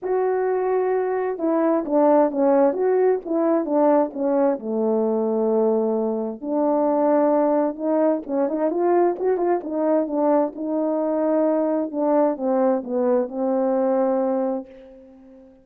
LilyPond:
\new Staff \with { instrumentName = "horn" } { \time 4/4 \tempo 4 = 131 fis'2. e'4 | d'4 cis'4 fis'4 e'4 | d'4 cis'4 a2~ | a2 d'2~ |
d'4 dis'4 cis'8 dis'8 f'4 | fis'8 f'8 dis'4 d'4 dis'4~ | dis'2 d'4 c'4 | b4 c'2. | }